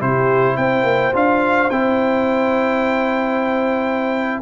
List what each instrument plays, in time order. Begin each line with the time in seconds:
0.00 tuba C3, trombone E4, horn G4, trumpet C5
0.57 tuba C4, horn C5, trumpet G5
0.83 tuba A#3
1.14 tuba D4, trombone F4, trumpet F5
1.70 tuba C4, trombone E4, trumpet G5